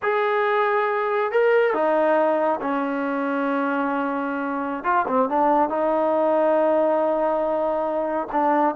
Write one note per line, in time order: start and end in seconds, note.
0.02 1.31 G#4
1.31 1.73 A#4
1.73 2.60 D#4
2.61 4.83 C#4
4.83 5.05 F4
5.07 5.29 C4
5.29 5.69 D4
5.69 8.28 D#4
8.32 8.75 D4